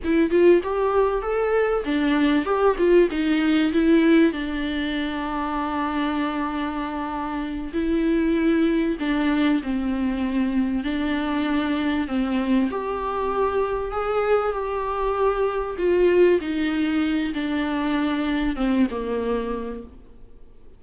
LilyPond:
\new Staff \with { instrumentName = "viola" } { \time 4/4 \tempo 4 = 97 e'8 f'8 g'4 a'4 d'4 | g'8 f'8 dis'4 e'4 d'4~ | d'1~ | d'8 e'2 d'4 c'8~ |
c'4. d'2 c'8~ | c'8 g'2 gis'4 g'8~ | g'4. f'4 dis'4. | d'2 c'8 ais4. | }